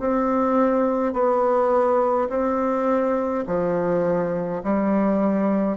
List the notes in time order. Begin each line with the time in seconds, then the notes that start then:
0.00 C4
1.14 B3
2.30 C4
3.47 F3
4.64 G3